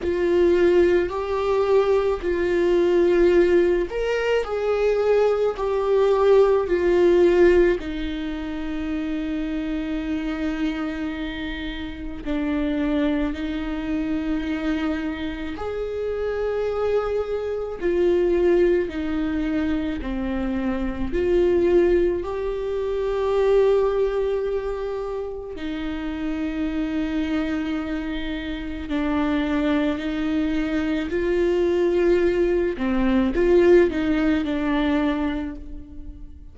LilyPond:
\new Staff \with { instrumentName = "viola" } { \time 4/4 \tempo 4 = 54 f'4 g'4 f'4. ais'8 | gis'4 g'4 f'4 dis'4~ | dis'2. d'4 | dis'2 gis'2 |
f'4 dis'4 c'4 f'4 | g'2. dis'4~ | dis'2 d'4 dis'4 | f'4. c'8 f'8 dis'8 d'4 | }